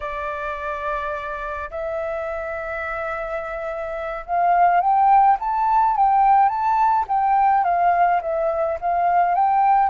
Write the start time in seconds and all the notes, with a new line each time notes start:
0.00 D5
1.70 E5
4.26 F5
4.80 G5
5.39 A5
5.96 G5
6.48 A5
7.08 G5
7.64 F5
8.21 E5
8.80 F5
9.34 G5